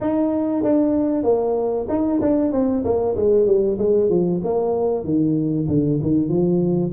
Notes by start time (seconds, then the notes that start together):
0.00 D#4
0.63 D4
1.23 A#3
1.89 D#4
2.21 D4
2.51 C4
2.84 A#3
3.16 G#3
3.46 G3
3.78 G#3
4.09 F3
4.44 A#3
5.04 D#3
5.68 D3
6.02 D#3
6.28 F3